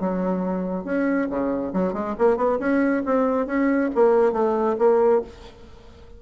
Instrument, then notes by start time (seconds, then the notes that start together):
bassoon
0.00 F#3
0.84 C#4
1.29 C#3
1.73 F#3
1.93 G#3
2.18 A#3
2.37 B3
2.59 C#4
3.06 C4
3.46 C#4
3.94 A#3
4.32 A3
4.78 A#3